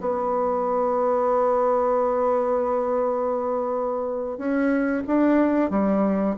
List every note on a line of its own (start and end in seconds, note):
0.00 4.38 B3
4.38 5.03 C#4
5.07 5.70 D4
5.70 6.35 G3